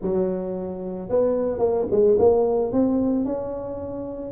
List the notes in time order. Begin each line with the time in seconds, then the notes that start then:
0.01 F#3
1.09 B3
1.58 A#3
1.90 G#3
2.18 A#3
2.72 C4
3.25 C#4